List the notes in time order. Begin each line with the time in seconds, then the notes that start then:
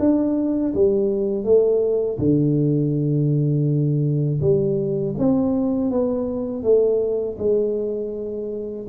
0.00 D4
0.74 G3
1.44 A3
2.19 D3
4.41 G3
5.19 C4
5.91 B3
6.63 A3
7.39 G#3